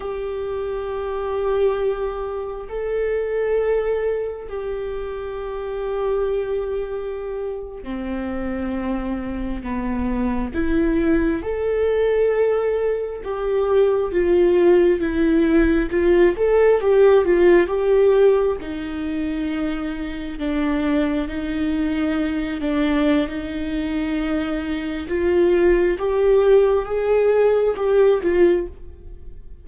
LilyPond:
\new Staff \with { instrumentName = "viola" } { \time 4/4 \tempo 4 = 67 g'2. a'4~ | a'4 g'2.~ | g'8. c'2 b4 e'16~ | e'8. a'2 g'4 f'16~ |
f'8. e'4 f'8 a'8 g'8 f'8 g'16~ | g'8. dis'2 d'4 dis'16~ | dis'4~ dis'16 d'8. dis'2 | f'4 g'4 gis'4 g'8 f'8 | }